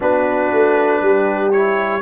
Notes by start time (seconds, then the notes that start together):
0.00 B3 D4 F#4 B4
0.51 A3
1.01 G3 G4
1.51 E4 C#5